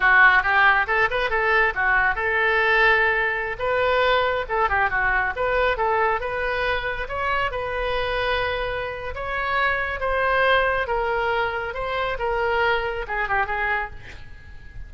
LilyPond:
\new Staff \with { instrumentName = "oboe" } { \time 4/4 \tempo 4 = 138 fis'4 g'4 a'8 b'8 a'4 | fis'4 a'2.~ | a'16 b'2 a'8 g'8 fis'8.~ | fis'16 b'4 a'4 b'4.~ b'16~ |
b'16 cis''4 b'2~ b'8.~ | b'4 cis''2 c''4~ | c''4 ais'2 c''4 | ais'2 gis'8 g'8 gis'4 | }